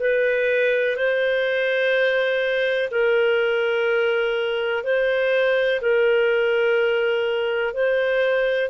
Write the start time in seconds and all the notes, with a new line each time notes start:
0.00 B4
0.97 C5
2.92 A#4
4.84 C5
5.82 A#4
7.74 C5